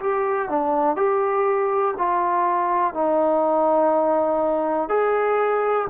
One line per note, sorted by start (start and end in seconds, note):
0.00 0.49 G4
0.49 0.96 D4
0.96 1.94 G4
1.98 2.94 F4
2.94 4.89 D#4
4.89 5.87 G#4